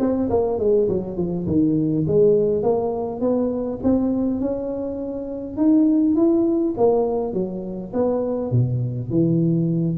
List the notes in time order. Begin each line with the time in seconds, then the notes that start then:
0.00 C4
0.30 A#3
0.59 G#3
0.89 F#3
1.17 F3
1.47 D#3
2.08 G#3
2.63 A#3
3.21 B3
3.84 C4
4.41 C#4
5.57 D#4
6.16 E4
6.78 A#3
7.34 F#3
7.94 B3
8.52 B2
9.10 E3